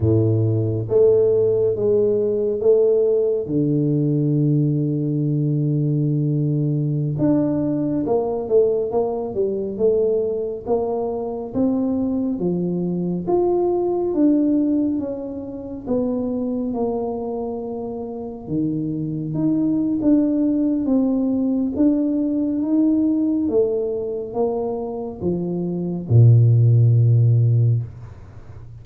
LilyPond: \new Staff \with { instrumentName = "tuba" } { \time 4/4 \tempo 4 = 69 a,4 a4 gis4 a4 | d1~ | d16 d'4 ais8 a8 ais8 g8 a8.~ | a16 ais4 c'4 f4 f'8.~ |
f'16 d'4 cis'4 b4 ais8.~ | ais4~ ais16 dis4 dis'8. d'4 | c'4 d'4 dis'4 a4 | ais4 f4 ais,2 | }